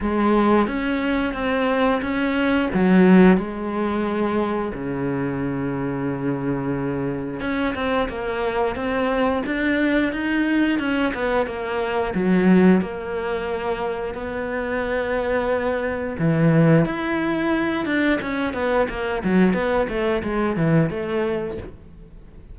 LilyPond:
\new Staff \with { instrumentName = "cello" } { \time 4/4 \tempo 4 = 89 gis4 cis'4 c'4 cis'4 | fis4 gis2 cis4~ | cis2. cis'8 c'8 | ais4 c'4 d'4 dis'4 |
cis'8 b8 ais4 fis4 ais4~ | ais4 b2. | e4 e'4. d'8 cis'8 b8 | ais8 fis8 b8 a8 gis8 e8 a4 | }